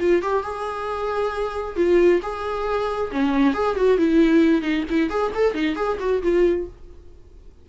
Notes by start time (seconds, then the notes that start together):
0.00 F4
0.22 G4
0.43 G#4
1.76 F4
2.22 G#4
3.12 C#4
3.54 G#4
3.76 F#4
3.98 E4
4.62 D#4
4.90 E4
5.10 G#4
5.35 A4
5.54 D#4
5.76 G#4
6.00 F#4
6.23 F4